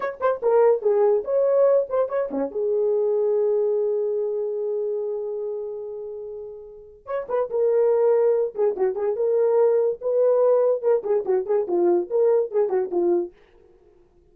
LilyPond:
\new Staff \with { instrumentName = "horn" } { \time 4/4 \tempo 4 = 144 cis''8 c''8 ais'4 gis'4 cis''4~ | cis''8 c''8 cis''8 cis'8 gis'2~ | gis'1~ | gis'1~ |
gis'4 cis''8 b'8 ais'2~ | ais'8 gis'8 fis'8 gis'8 ais'2 | b'2 ais'8 gis'8 fis'8 gis'8 | f'4 ais'4 gis'8 fis'8 f'4 | }